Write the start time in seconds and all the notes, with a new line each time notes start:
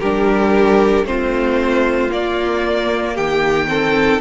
0.00 G3 D4 G4 A#4
1.03 A3 C4 F4 C5
2.10 A#3 D5
3.14 D#3 G4 G5
3.68 C4 A4